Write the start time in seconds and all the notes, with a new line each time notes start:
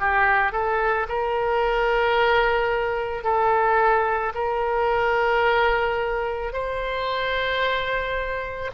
0.00 G4
0.53 A4
1.09 A#4
3.24 A4
4.34 A#4
6.53 C5